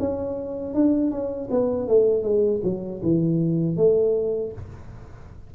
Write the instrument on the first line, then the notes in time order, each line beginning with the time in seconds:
tuba
0.00 C#4
0.75 D4
1.12 C#4
1.51 B3
1.88 A3
2.24 G#3
2.64 F#3
3.03 E3
3.77 A3